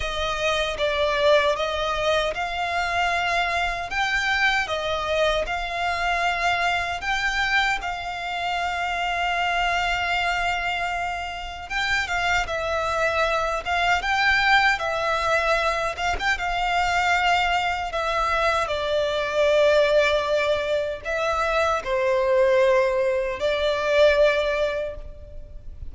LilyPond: \new Staff \with { instrumentName = "violin" } { \time 4/4 \tempo 4 = 77 dis''4 d''4 dis''4 f''4~ | f''4 g''4 dis''4 f''4~ | f''4 g''4 f''2~ | f''2. g''8 f''8 |
e''4. f''8 g''4 e''4~ | e''8 f''16 g''16 f''2 e''4 | d''2. e''4 | c''2 d''2 | }